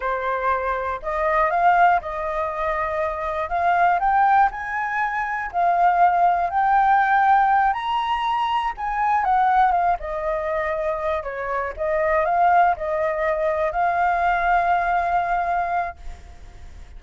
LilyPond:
\new Staff \with { instrumentName = "flute" } { \time 4/4 \tempo 4 = 120 c''2 dis''4 f''4 | dis''2. f''4 | g''4 gis''2 f''4~ | f''4 g''2~ g''8 ais''8~ |
ais''4. gis''4 fis''4 f''8 | dis''2~ dis''8 cis''4 dis''8~ | dis''8 f''4 dis''2 f''8~ | f''1 | }